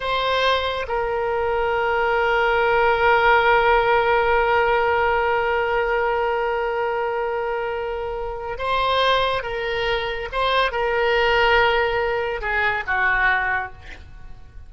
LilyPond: \new Staff \with { instrumentName = "oboe" } { \time 4/4 \tempo 4 = 140 c''2 ais'2~ | ais'1~ | ais'1~ | ais'1~ |
ais'1 | c''2 ais'2 | c''4 ais'2.~ | ais'4 gis'4 fis'2 | }